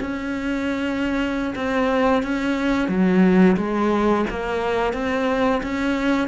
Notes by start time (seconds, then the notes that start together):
0.00 C#4
1.55 C4
2.22 C#4
2.88 F#3
3.56 G#3
4.30 A#3
4.93 C4
5.62 C#4